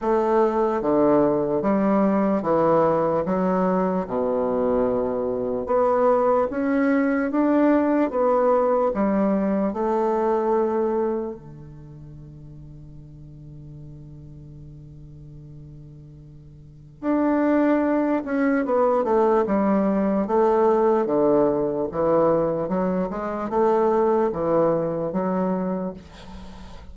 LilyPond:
\new Staff \with { instrumentName = "bassoon" } { \time 4/4 \tempo 4 = 74 a4 d4 g4 e4 | fis4 b,2 b4 | cis'4 d'4 b4 g4 | a2 d2~ |
d1~ | d4 d'4. cis'8 b8 a8 | g4 a4 d4 e4 | fis8 gis8 a4 e4 fis4 | }